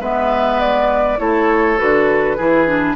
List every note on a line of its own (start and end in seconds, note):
0.00 1.19 G#3
0.00 1.18 B3
0.00 1.19 B4
0.00 0.60 E5
0.60 1.19 D5
1.18 1.79 A3
1.18 1.77 E4
1.18 2.37 A4
1.18 1.79 C#5
1.77 2.39 D3
1.77 2.37 F#4
1.77 2.96 B4
2.37 2.96 E3
2.37 2.67 E4
2.37 2.96 G#4
2.67 2.96 D4